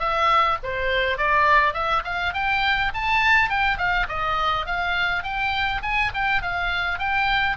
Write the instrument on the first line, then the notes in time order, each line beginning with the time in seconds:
oboe
0.00 E5
0.64 C5
1.18 D5
1.74 E5
2.05 F5
2.34 G5
2.94 A5
3.50 G5
3.78 F5
4.09 D#5
4.67 F5
5.24 G5
5.83 G#5
6.14 G5
6.42 F5
6.99 G5